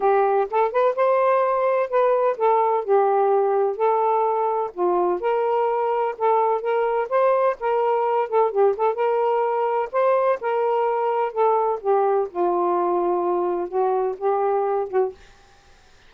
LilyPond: \new Staff \with { instrumentName = "saxophone" } { \time 4/4 \tempo 4 = 127 g'4 a'8 b'8 c''2 | b'4 a'4 g'2 | a'2 f'4 ais'4~ | ais'4 a'4 ais'4 c''4 |
ais'4. a'8 g'8 a'8 ais'4~ | ais'4 c''4 ais'2 | a'4 g'4 f'2~ | f'4 fis'4 g'4. fis'8 | }